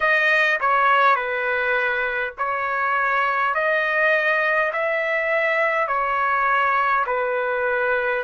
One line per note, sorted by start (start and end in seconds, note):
0.00 0.59 D#5
0.60 1.15 C#5
1.15 2.33 B4
2.38 3.54 C#5
3.54 4.72 D#5
4.72 5.87 E5
5.87 7.05 C#5
7.06 8.24 B4